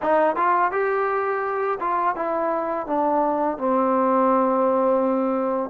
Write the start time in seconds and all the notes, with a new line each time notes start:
0.02 D#4
0.35 F4
0.71 G4
1.80 F4
2.15 E4
2.86 D4
3.58 C4